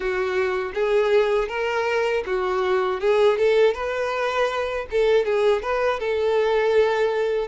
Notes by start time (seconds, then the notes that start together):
0.00 F#4
0.74 G#4
1.48 A#4
2.26 F#4
3.00 G#4
3.38 A4
3.73 B4
4.91 A4
5.25 G#4
5.62 B4
5.99 A4